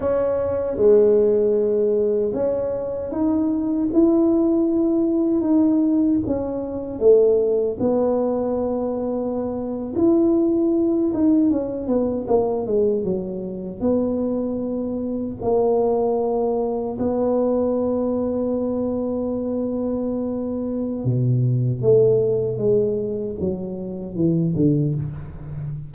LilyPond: \new Staff \with { instrumentName = "tuba" } { \time 4/4 \tempo 4 = 77 cis'4 gis2 cis'4 | dis'4 e'2 dis'4 | cis'4 a4 b2~ | b8. e'4. dis'8 cis'8 b8 ais16~ |
ais16 gis8 fis4 b2 ais16~ | ais4.~ ais16 b2~ b16~ | b2. b,4 | a4 gis4 fis4 e8 d8 | }